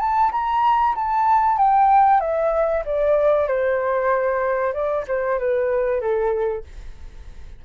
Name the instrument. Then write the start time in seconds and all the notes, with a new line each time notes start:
flute
0.00 A5
0.32 A#5
0.95 A5
1.58 G5
2.20 E5
2.85 D5
3.48 C5
4.73 D5
5.08 C5
5.39 B4
6.01 A4